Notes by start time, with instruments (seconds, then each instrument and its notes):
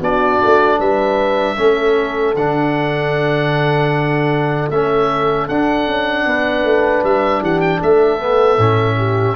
0.00 tuba B3, trombone D4, horn F#4, oboe D5
0.44 tuba A3
0.79 tuba G3, horn B4, oboe E5
1.57 tuba A3, trombone C#4, horn A4
2.35 tuba D3, trombone D4, oboe F#5
4.70 tuba A3, trombone C#4, oboe E5
5.48 tuba D4, trombone D4, oboe F#5
5.87 tuba C#4
6.26 tuba B3, horn B4
6.64 tuba A3
7.03 tuba G3, oboe E5
7.41 tuba E3, horn G4, oboe F#5
7.60 oboe G5
7.78 tuba A3, horn A4, oboe E5
8.19 trombone B3
8.57 tuba A2, trombone C#4
8.97 horn G4